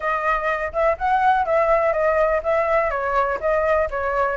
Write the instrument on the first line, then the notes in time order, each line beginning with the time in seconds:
flute
0.00 D#5
0.73 E5
0.98 F#5
1.45 E5
1.92 D#5
2.43 E5
2.90 C#5
3.40 D#5
3.90 C#5